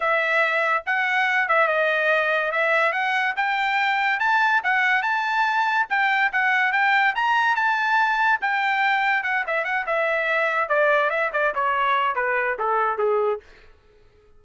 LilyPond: \new Staff \with { instrumentName = "trumpet" } { \time 4/4 \tempo 4 = 143 e''2 fis''4. e''8 | dis''2 e''4 fis''4 | g''2 a''4 fis''4 | a''2 g''4 fis''4 |
g''4 ais''4 a''2 | g''2 fis''8 e''8 fis''8 e''8~ | e''4. d''4 e''8 d''8 cis''8~ | cis''4 b'4 a'4 gis'4 | }